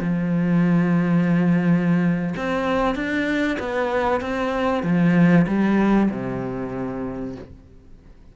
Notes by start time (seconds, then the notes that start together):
0.00 F3
2.36 C4
2.95 D4
3.59 B3
4.21 C4
4.83 F3
5.47 G3
6.11 C3